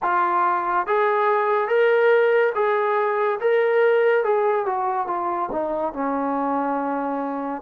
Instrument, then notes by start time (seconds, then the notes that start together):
trombone
0.02 F4
0.86 G#4
1.68 A#4
2.54 G#4
3.40 A#4
4.23 G#4
4.65 F#4
5.07 F4
5.51 D#4
5.93 C#4